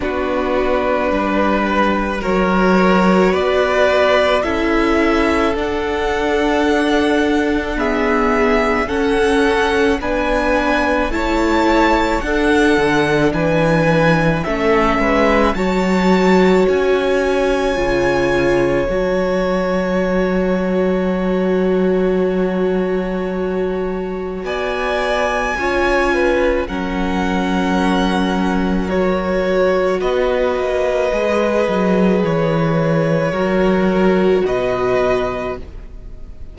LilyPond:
<<
  \new Staff \with { instrumentName = "violin" } { \time 4/4 \tempo 4 = 54 b'2 cis''4 d''4 | e''4 fis''2 e''4 | fis''4 gis''4 a''4 fis''4 | gis''4 e''4 a''4 gis''4~ |
gis''4 a''2.~ | a''2 gis''2 | fis''2 cis''4 dis''4~ | dis''4 cis''2 dis''4 | }
  \new Staff \with { instrumentName = "violin" } { \time 4/4 fis'4 b'4 ais'4 b'4 | a'2. gis'4 | a'4 b'4 cis''4 a'4 | b'4 a'8 b'8 cis''2~ |
cis''1~ | cis''2 d''4 cis''8 b'8 | ais'2. b'4~ | b'2 ais'4 b'4 | }
  \new Staff \with { instrumentName = "viola" } { \time 4/4 d'2 fis'2 | e'4 d'2 b4 | cis'4 d'4 e'4 d'4~ | d'4 cis'4 fis'2 |
f'4 fis'2.~ | fis'2. f'4 | cis'2 fis'2 | gis'2 fis'2 | }
  \new Staff \with { instrumentName = "cello" } { \time 4/4 b4 g4 fis4 b4 | cis'4 d'2. | cis'4 b4 a4 d'8 d8 | e4 a8 gis8 fis4 cis'4 |
cis4 fis2.~ | fis2 b4 cis'4 | fis2. b8 ais8 | gis8 fis8 e4 fis4 b,4 | }
>>